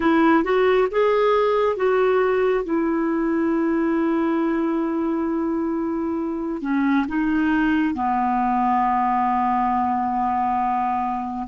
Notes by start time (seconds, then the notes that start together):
0.00 E4
0.44 F#4
0.91 G#4
1.76 F#4
2.64 E4
6.61 C#4
7.08 D#4
7.94 B3